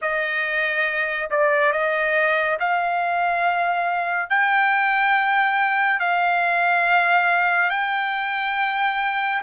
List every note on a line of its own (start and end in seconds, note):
0.01 1.30 D#5
1.30 1.72 D5
1.72 2.58 D#5
2.59 4.29 F5
4.29 5.99 G5
5.99 7.69 F5
7.69 9.41 G5